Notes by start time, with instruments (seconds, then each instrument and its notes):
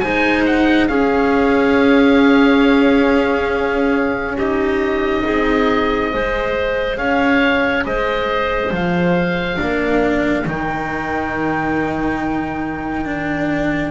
0.00 double bass G#3, cello D#4, clarinet C5, oboe G#5
0.46 oboe F#5
0.87 cello C#4, double bass C#4, clarinet G#4, oboe F5
4.36 cello D#4, clarinet G4, oboe D#5
5.24 double bass C4, clarinet G#4
6.11 double bass G#3, cello G#4, clarinet C5
6.97 double bass C#4, clarinet C#5, oboe F5
7.85 double bass G#3, clarinet C5, oboe D#5
8.71 double bass F3, oboe F5
9.56 double bass A#3, cello D4, clarinet A#4
10.46 double bass D#3, cello D#4, oboe G5
13.05 cello D4